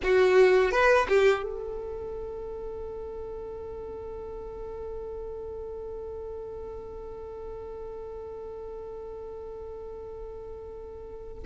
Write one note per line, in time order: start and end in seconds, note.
0.03 0.71 F#4
0.71 1.07 B4
1.08 1.43 G4
1.43 11.43 A4